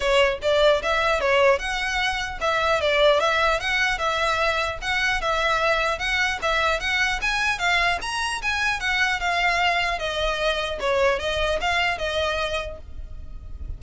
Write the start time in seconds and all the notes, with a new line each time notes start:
0.00 C#5
0.42 D5
0.82 E5
1.20 C#5
1.58 F#5
2.40 E5
2.80 D5
3.19 E5
3.60 F#5
3.98 E5
4.81 F#5
5.21 E5
5.98 F#5
6.42 E5
6.80 F#5
7.21 G#5
7.59 F5
8.01 A#5
8.42 G#5
8.79 F#5
9.19 F5
9.99 D#5
10.80 C#5
11.19 D#5
11.60 F5
11.98 D#5